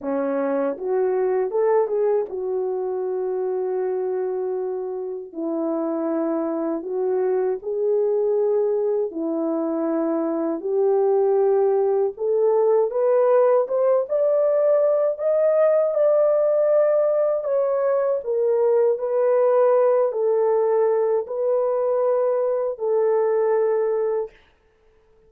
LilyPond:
\new Staff \with { instrumentName = "horn" } { \time 4/4 \tempo 4 = 79 cis'4 fis'4 a'8 gis'8 fis'4~ | fis'2. e'4~ | e'4 fis'4 gis'2 | e'2 g'2 |
a'4 b'4 c''8 d''4. | dis''4 d''2 cis''4 | ais'4 b'4. a'4. | b'2 a'2 | }